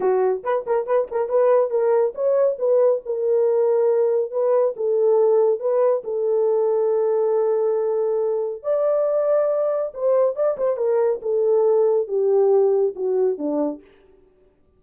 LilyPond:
\new Staff \with { instrumentName = "horn" } { \time 4/4 \tempo 4 = 139 fis'4 b'8 ais'8 b'8 ais'8 b'4 | ais'4 cis''4 b'4 ais'4~ | ais'2 b'4 a'4~ | a'4 b'4 a'2~ |
a'1 | d''2. c''4 | d''8 c''8 ais'4 a'2 | g'2 fis'4 d'4 | }